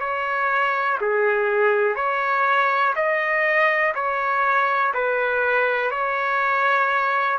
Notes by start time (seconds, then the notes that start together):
0.00 C#5
1.01 G#4
1.95 C#5
2.96 D#5
3.95 C#5
4.94 B4
5.91 C#5